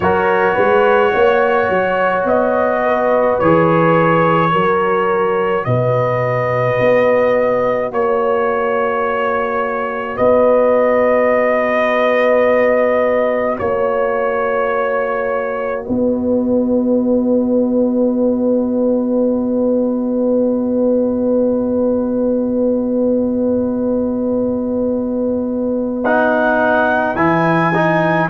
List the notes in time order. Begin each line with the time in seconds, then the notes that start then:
0.00 F#3 F#4 A#4 C#5
0.53 G#3 B4
1.12 A#3 C#5
1.69 F#3
2.24 B3 D#5
2.85 B4
3.39 E3 G#4 C#5
4.50 F#3 F#4 A#4
5.64 B2 B4 D#5
6.80 B3
7.91 A#3 C#5
10.15 B3 B4 D#5
13.57 A#3 C#5
15.83 B3 B4 D#5
26.04 D#4 F#5
27.15 E3 E4 G#5
27.74 D#4